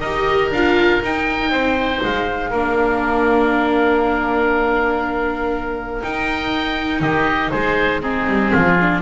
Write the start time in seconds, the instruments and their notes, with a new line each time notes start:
0.00 double bass D#4, viola G4, oboe A#4 D#5
0.51 double bass D4, viola F4, oboe F5
1.02 double bass D#4, viola D#4, oboe G5
1.50 double bass C4, oboe C5
2.03 double bass G#3, oboe F5
2.51 double bass A#3, viola D4, oboe A#4
6.02 viola D#4, double bass D#4, oboe G5
7.01 double bass D#3, oboe G4 D#5
7.51 double bass G#3, oboe G#4 C5
8.01 viola C4, oboe D#4 G#4
8.27 double bass G3
8.51 double bass F3, oboe F4
8.81 viola D4